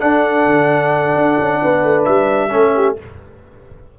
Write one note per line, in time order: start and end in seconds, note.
0.00 2.50 D4
0.00 0.47 D4
0.00 1.62 A4
0.00 2.05 F#5
0.47 1.15 D3
1.16 1.39 D4
1.39 1.62 C#4
1.62 1.84 B3
1.62 2.52 B4
1.84 2.07 A3
2.05 2.53 G3
2.05 2.96 E5
2.50 2.99 A3
2.50 2.96 C#4
2.50 2.75 A4
2.76 2.99 G4